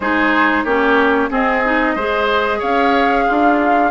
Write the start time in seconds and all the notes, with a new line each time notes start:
0.00 G#3 D#4 G#4 C5
0.64 A#3 C#4 G4 C#5
1.30 C4 G#4 D#5
1.64 D#4
1.95 G#3 G#4 C5
2.59 C#4 C#5 F5
3.26 D4 F4